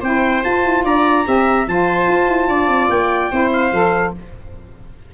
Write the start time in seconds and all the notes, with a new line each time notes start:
0.00 C4 E4 C5 G5
0.44 F4 A5
0.64 E4
0.84 D4 D5 A#5
1.25 C4 G4 E5
1.67 F3 F4 C5 A5
2.08 F4
2.28 E4
2.48 D4 D5
2.68 C4
2.89 A#3 G5
3.31 C4 E4 C5
3.52 F5
3.72 F3 A4